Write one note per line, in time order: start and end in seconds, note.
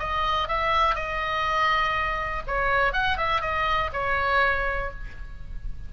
0.00 0.48 D#5
0.48 0.96 E5
0.96 2.43 D#5
2.48 2.93 C#5
2.93 3.18 F#5
3.18 3.42 E5
3.42 3.91 D#5
3.93 4.92 C#5